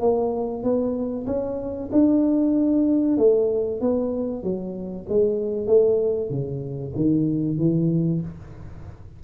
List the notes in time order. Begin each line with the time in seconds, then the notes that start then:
0.00 A#3
0.63 B3
1.26 C#4
1.92 D4
3.18 A3
3.81 B3
4.43 F#3
5.09 G#3
5.67 A3
6.30 C#3
6.96 D#3
7.58 E3